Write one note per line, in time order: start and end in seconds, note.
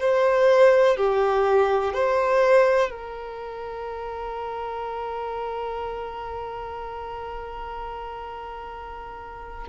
0.00 0.97 C5
0.97 1.94 G4
1.94 2.90 C5
2.90 9.67 A#4